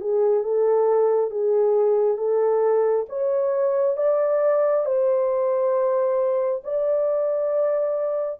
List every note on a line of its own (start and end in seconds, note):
0.00 0.43 G#4
0.43 1.30 A4
1.30 2.17 G#4
2.17 3.05 A4
3.08 3.97 C#5
3.97 4.85 D5
4.85 6.61 C5
6.63 8.40 D5